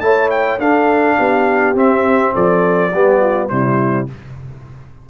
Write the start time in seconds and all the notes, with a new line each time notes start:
0.00 A3 E4 C#5 A5
0.30 G5
0.58 D4 A4 F5
1.17 B3 G4
1.75 C4 E5
2.33 F3 A4 D5
2.93 G3 B3 G4
3.21 F4
3.48 C3 G3 E4 C5